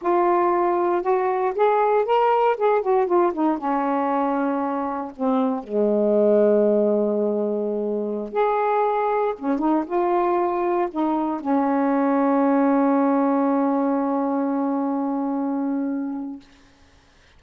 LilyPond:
\new Staff \with { instrumentName = "saxophone" } { \time 4/4 \tempo 4 = 117 f'2 fis'4 gis'4 | ais'4 gis'8 fis'8 f'8 dis'8 cis'4~ | cis'2 c'4 gis4~ | gis1~ |
gis16 gis'2 cis'8 dis'8 f'8.~ | f'4~ f'16 dis'4 cis'4.~ cis'16~ | cis'1~ | cis'1 | }